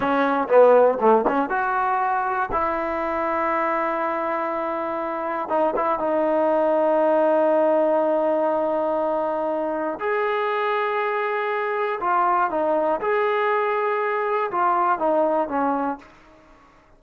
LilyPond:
\new Staff \with { instrumentName = "trombone" } { \time 4/4 \tempo 4 = 120 cis'4 b4 a8 cis'8 fis'4~ | fis'4 e'2.~ | e'2. dis'8 e'8 | dis'1~ |
dis'1 | gis'1 | f'4 dis'4 gis'2~ | gis'4 f'4 dis'4 cis'4 | }